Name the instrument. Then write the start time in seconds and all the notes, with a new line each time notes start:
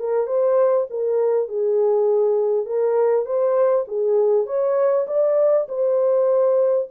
horn
0.00 A#4
0.27 C5
0.91 A#4
1.49 G#4
2.66 A#4
3.26 C5
3.88 G#4
4.47 C#5
5.08 D5
5.69 C5